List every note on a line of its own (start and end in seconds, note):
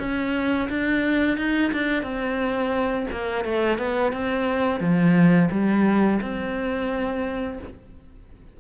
0.00 0.69 C#4
0.70 1.38 D4
1.38 1.72 D#4
1.73 2.03 D4
2.03 3.07 C4
3.12 3.45 A#3
3.45 3.78 A3
3.78 4.13 B3
4.13 4.81 C4
4.81 5.50 F3
5.51 6.20 G3
6.22 7.60 C4